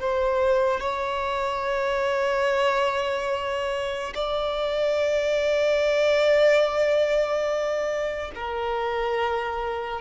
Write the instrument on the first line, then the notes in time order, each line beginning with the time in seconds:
violin
0.00 C5
0.80 C#5
4.14 D5
8.35 A#4